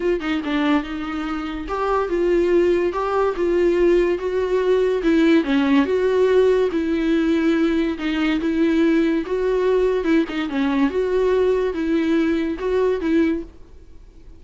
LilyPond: \new Staff \with { instrumentName = "viola" } { \time 4/4 \tempo 4 = 143 f'8 dis'8 d'4 dis'2 | g'4 f'2 g'4 | f'2 fis'2 | e'4 cis'4 fis'2 |
e'2. dis'4 | e'2 fis'2 | e'8 dis'8 cis'4 fis'2 | e'2 fis'4 e'4 | }